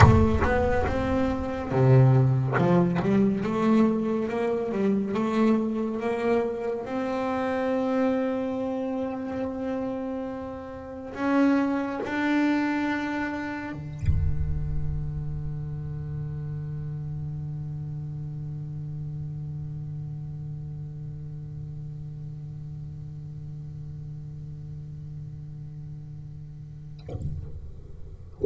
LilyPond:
\new Staff \with { instrumentName = "double bass" } { \time 4/4 \tempo 4 = 70 a8 b8 c'4 c4 f8 g8 | a4 ais8 g8 a4 ais4 | c'1~ | c'4 cis'4 d'2 |
d1~ | d1~ | d1~ | d1 | }